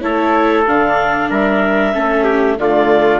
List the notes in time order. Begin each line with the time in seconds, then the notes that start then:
0.00 A3 E4 A4 C#5
0.67 D3 D4 F5
1.30 G3 A#4 E5
1.93 A3 C#4 A4
2.24 G4
2.58 D3 A3 F4 D5